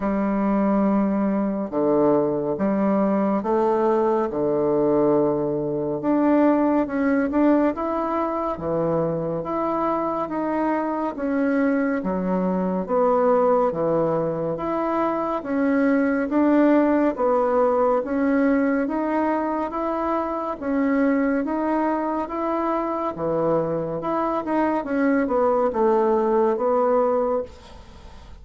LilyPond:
\new Staff \with { instrumentName = "bassoon" } { \time 4/4 \tempo 4 = 70 g2 d4 g4 | a4 d2 d'4 | cis'8 d'8 e'4 e4 e'4 | dis'4 cis'4 fis4 b4 |
e4 e'4 cis'4 d'4 | b4 cis'4 dis'4 e'4 | cis'4 dis'4 e'4 e4 | e'8 dis'8 cis'8 b8 a4 b4 | }